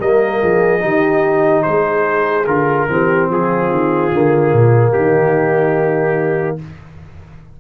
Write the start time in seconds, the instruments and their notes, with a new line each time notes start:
0.00 tuba G3, trombone A#3, horn A#4, trumpet D#5
0.41 tuba F3, horn G#4
0.79 tuba D#3, trombone D#4, horn G4
1.63 tuba G#3, horn G#4, trumpet C5
2.46 tuba D3, trombone F4, trumpet A#4
2.88 tuba E3, trombone C4, horn G4
3.30 tuba F3, horn F4, trumpet G#4
3.70 tuba D#3
4.12 tuba D3, trombone A#3
4.53 tuba A#2
4.92 tuba D#3, horn D#4, trumpet G4